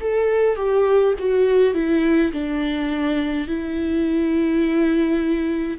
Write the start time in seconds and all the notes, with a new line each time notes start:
0.00 A4
0.56 G4
1.19 F#4
1.74 E4
2.32 D4
3.47 E4